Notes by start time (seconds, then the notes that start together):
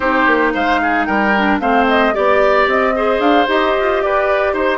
0.00 C4 D#4 G4 C5
0.26 A#3
0.53 G#3 C5 F5
0.82 G#4
1.05 G3 A#4 G5
1.37 D4
1.59 A3 C4 C5 F5
1.88 D#5
2.13 B3 G4 D5
2.67 C4 D#5
2.95 G#4 C5
3.19 D4 F5
3.46 D#4 G4 D#5
3.79 F4
4.01 G4 B4 D5
4.53 D#4 C5